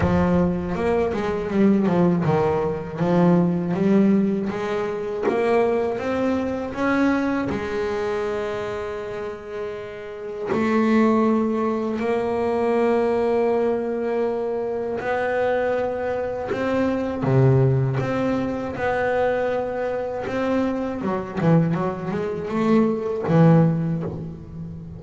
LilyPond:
\new Staff \with { instrumentName = "double bass" } { \time 4/4 \tempo 4 = 80 f4 ais8 gis8 g8 f8 dis4 | f4 g4 gis4 ais4 | c'4 cis'4 gis2~ | gis2 a2 |
ais1 | b2 c'4 c4 | c'4 b2 c'4 | fis8 e8 fis8 gis8 a4 e4 | }